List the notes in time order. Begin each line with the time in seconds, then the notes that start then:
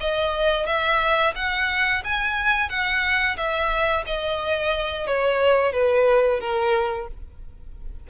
0.00 D#5
0.66 E5
1.35 F#5
2.04 G#5
2.69 F#5
3.37 E5
4.06 D#5
5.07 C#5
5.72 B4
6.40 A#4